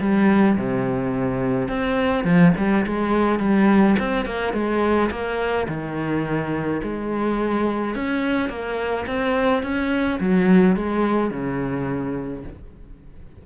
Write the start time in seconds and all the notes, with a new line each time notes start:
0.00 G3
0.57 C3
1.68 C4
2.24 F3
2.57 G3
2.86 G#3
3.39 G3
3.99 C4
4.26 A#3
4.53 G#3
5.10 A#3
5.68 D#3
6.83 G#3
7.95 C#4
8.49 A#3
9.07 C4
9.63 C#4
10.20 F#3
10.76 G#3
11.30 C#3